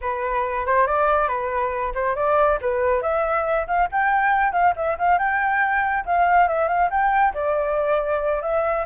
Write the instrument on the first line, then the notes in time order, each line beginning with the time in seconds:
flute
0.01 B4
0.66 C5
0.86 D5
1.28 B4
1.94 C5
2.15 D5
2.61 B4
3.02 E5
3.67 F5
3.91 G5
4.52 F5
4.75 E5
4.98 F5
5.18 G5
6.05 F5
6.47 E5
6.68 F5
6.90 G5
7.34 D5
8.42 E5